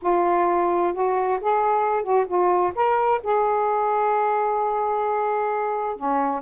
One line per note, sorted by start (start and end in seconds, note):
0.01 0.93 F4
0.93 1.39 F#4
1.41 2.03 G#4
2.03 2.26 F#4
2.27 2.73 F4
2.75 3.20 A#4
3.23 5.95 G#4
5.95 6.41 C#4